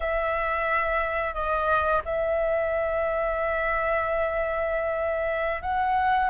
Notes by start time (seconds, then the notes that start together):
0.00 E5
1.34 D#5
2.05 E5
5.62 F#5